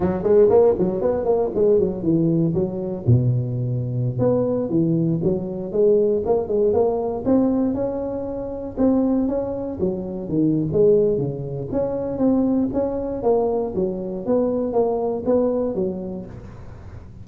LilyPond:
\new Staff \with { instrumentName = "tuba" } { \time 4/4 \tempo 4 = 118 fis8 gis8 ais8 fis8 b8 ais8 gis8 fis8 | e4 fis4 b,2~ | b,16 b4 e4 fis4 gis8.~ | gis16 ais8 gis8 ais4 c'4 cis'8.~ |
cis'4~ cis'16 c'4 cis'4 fis8.~ | fis16 dis8. gis4 cis4 cis'4 | c'4 cis'4 ais4 fis4 | b4 ais4 b4 fis4 | }